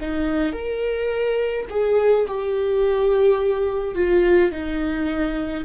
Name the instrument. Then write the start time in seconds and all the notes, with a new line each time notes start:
viola
0.00 D#4
0.52 A#4
1.69 G#4
2.27 G4
3.95 F4
4.51 D#4